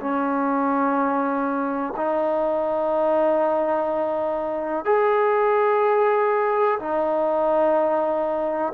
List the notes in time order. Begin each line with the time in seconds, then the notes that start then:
0.00 C#4
1.97 D#4
4.85 G#4
6.79 D#4